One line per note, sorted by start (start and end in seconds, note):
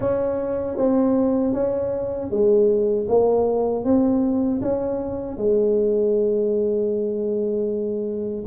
0.00 0.76 C#4
0.76 1.53 C4
1.53 2.30 C#4
2.30 3.07 G#3
3.08 3.84 A#3
3.84 4.61 C4
4.62 5.37 C#4
5.37 8.44 G#3